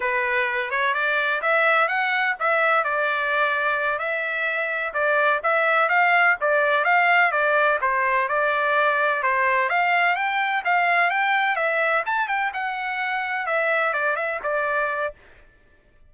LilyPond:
\new Staff \with { instrumentName = "trumpet" } { \time 4/4 \tempo 4 = 127 b'4. cis''8 d''4 e''4 | fis''4 e''4 d''2~ | d''8 e''2 d''4 e''8~ | e''8 f''4 d''4 f''4 d''8~ |
d''8 c''4 d''2 c''8~ | c''8 f''4 g''4 f''4 g''8~ | g''8 e''4 a''8 g''8 fis''4.~ | fis''8 e''4 d''8 e''8 d''4. | }